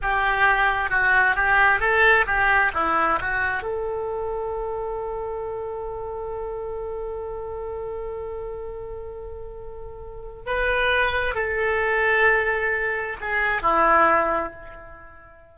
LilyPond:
\new Staff \with { instrumentName = "oboe" } { \time 4/4 \tempo 4 = 132 g'2 fis'4 g'4 | a'4 g'4 e'4 fis'4 | a'1~ | a'1~ |
a'1~ | a'2. b'4~ | b'4 a'2.~ | a'4 gis'4 e'2 | }